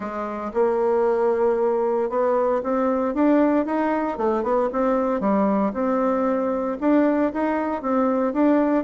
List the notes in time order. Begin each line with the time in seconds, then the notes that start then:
0.00 G#3
0.53 A#3
2.09 B3
2.63 C4
3.14 D4
3.65 D#4
4.17 A3
4.43 B3
4.72 C4
5.20 G3
5.73 C4
6.80 D4
7.33 D#4
7.82 C4
8.33 D4